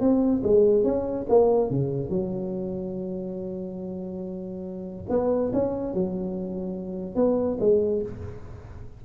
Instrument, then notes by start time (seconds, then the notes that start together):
tuba
0.00 C4
0.43 G#3
0.84 C#4
1.29 A#3
1.70 C#3
2.10 F#3
5.10 B3
5.53 C#4
5.94 F#3
7.15 B3
7.60 G#3